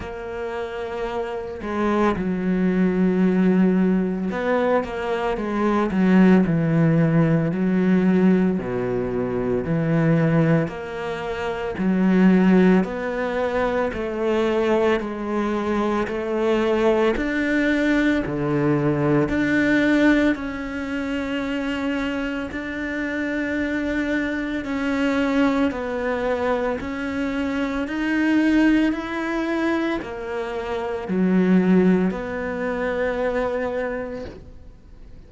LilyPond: \new Staff \with { instrumentName = "cello" } { \time 4/4 \tempo 4 = 56 ais4. gis8 fis2 | b8 ais8 gis8 fis8 e4 fis4 | b,4 e4 ais4 fis4 | b4 a4 gis4 a4 |
d'4 d4 d'4 cis'4~ | cis'4 d'2 cis'4 | b4 cis'4 dis'4 e'4 | ais4 fis4 b2 | }